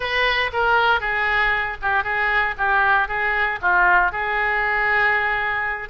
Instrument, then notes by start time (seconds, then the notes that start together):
oboe
0.00 B4
0.53 A#4
1.00 G#4
1.82 G4
2.03 G#4
2.57 G4
3.07 G#4
3.61 F4
4.12 G#4